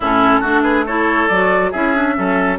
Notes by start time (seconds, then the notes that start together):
0.00 A2 C#4 E4 A4
0.40 A3 D4 F#4
0.62 G#4 B4
0.86 E4 A4 C#5
1.27 F#3 F#4 D5
1.71 C#4 E4 G#4 E5
1.95 D4
2.15 F#3 C#4 A4